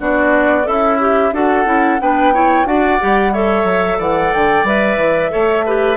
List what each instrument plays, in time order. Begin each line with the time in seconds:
0.00 bassoon B3, clarinet D4, oboe F#4, flute D5
0.64 bassoon C#4, oboe E4, clarinet A4, flute E5
1.00 clarinet G4
1.32 bassoon D4, clarinet F#4, oboe A4, flute F#5
1.65 bassoon C#4, clarinet E4
2.01 bassoon B3, clarinet D4, oboe B4, flute G5
2.34 clarinet E4, oboe C#5
2.65 bassoon D4, clarinet F#4, oboe D5, flute F#5
3.00 bassoon G3, clarinet G4
3.33 clarinet A4, oboe C#5, flute E5
3.64 bassoon F#3
3.98 bassoon E3, oboe D5, flute F#5
4.33 bassoon D3, flute G5
4.63 bassoon G3, clarinet B4, flute E5
4.97 bassoon E3
5.31 bassoon A3, clarinet A4, oboe C#5
5.66 clarinet G4, oboe B4